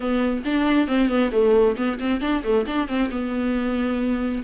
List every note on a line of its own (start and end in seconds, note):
0.00 0.43 B3
0.44 0.87 D4
0.87 1.08 C4
1.08 1.31 B3
1.32 1.76 A3
1.76 1.99 B3
1.99 2.21 C4
2.21 2.43 D4
2.43 2.65 A3
2.66 2.87 D4
2.87 3.09 C4
3.11 4.43 B3